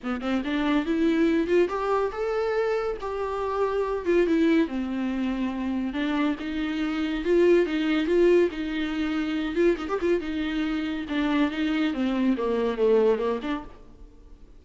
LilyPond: \new Staff \with { instrumentName = "viola" } { \time 4/4 \tempo 4 = 141 b8 c'8 d'4 e'4. f'8 | g'4 a'2 g'4~ | g'4. f'8 e'4 c'4~ | c'2 d'4 dis'4~ |
dis'4 f'4 dis'4 f'4 | dis'2~ dis'8 f'8 dis'16 g'16 f'8 | dis'2 d'4 dis'4 | c'4 ais4 a4 ais8 d'8 | }